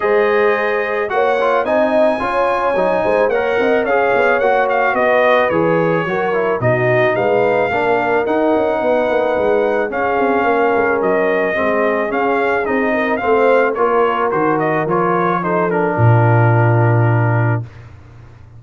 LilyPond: <<
  \new Staff \with { instrumentName = "trumpet" } { \time 4/4 \tempo 4 = 109 dis''2 fis''4 gis''4~ | gis''2 fis''4 f''4 | fis''8 f''8 dis''4 cis''2 | dis''4 f''2 fis''4~ |
fis''2 f''2 | dis''2 f''4 dis''4 | f''4 cis''4 c''8 dis''8 cis''4 | c''8 ais'2.~ ais'8 | }
  \new Staff \with { instrumentName = "horn" } { \time 4/4 c''2 cis''4 dis''4 | cis''4. c''8 cis''8 dis''8 cis''4~ | cis''4 b'2 ais'4 | fis'4 b'4 ais'2 |
b'2 gis'4 ais'4~ | ais'4 gis'2~ gis'8 ais'8 | c''4 ais'2. | a'4 f'2. | }
  \new Staff \with { instrumentName = "trombone" } { \time 4/4 gis'2 fis'8 f'8 dis'4 | f'4 dis'4 ais'4 gis'4 | fis'2 gis'4 fis'8 e'8 | dis'2 d'4 dis'4~ |
dis'2 cis'2~ | cis'4 c'4 cis'4 dis'4 | c'4 f'4 fis'4 f'4 | dis'8 d'2.~ d'8 | }
  \new Staff \with { instrumentName = "tuba" } { \time 4/4 gis2 ais4 c'4 | cis'4 fis8 gis8 ais8 c'8 cis'8 b8 | ais4 b4 e4 fis4 | b,4 gis4 ais4 dis'8 cis'8 |
b8 ais8 gis4 cis'8 c'8 ais8 gis8 | fis4 gis4 cis'4 c'4 | a4 ais4 dis4 f4~ | f4 ais,2. | }
>>